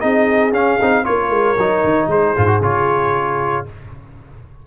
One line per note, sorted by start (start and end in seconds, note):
0.00 0.52 C4
0.00 0.52 D#4
0.00 1.05 G#4
0.00 0.52 D#5
0.52 0.78 C#4
0.52 0.80 C#4
0.52 1.05 F5
0.81 1.07 C4
0.81 1.04 D#4
1.04 1.29 A#3
1.04 1.56 F4
1.04 2.10 A#4
1.04 2.09 C#5
1.29 1.55 G#3
1.57 1.83 F#3
1.57 2.37 D#4
1.84 2.07 D#3
2.07 2.33 G#3
2.07 3.65 G#4
2.07 2.62 C5
2.37 2.61 G#2
2.37 2.47 F4
2.47 2.60 F#4
2.61 3.64 C#3
2.61 3.66 F4
2.61 3.66 C#5